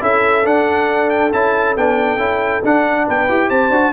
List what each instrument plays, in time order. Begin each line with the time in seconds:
0.00 tuba C#4, trombone E4, horn A4, trumpet E5
0.45 trombone D4, tuba D4, trumpet F#5
1.09 trumpet G5
1.32 tuba C#4, trombone E4, trumpet A5
1.76 tuba B3, trombone D4, trumpet G5
2.16 tuba C#4, trombone E4
2.64 tuba D4, trombone D4, trumpet F#5
3.06 tuba B3, horn B4, trumpet G5
3.28 tuba E4, trombone G4
3.49 tuba C4, horn C5, trumpet A5
3.70 tuba D4, trombone F#4